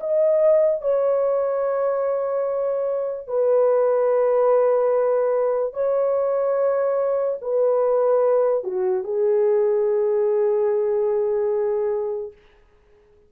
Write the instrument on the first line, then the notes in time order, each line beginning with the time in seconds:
horn
0.00 D#5
0.81 C#5
3.27 B4
5.73 C#5
7.41 B4
8.64 F#4
9.03 G#4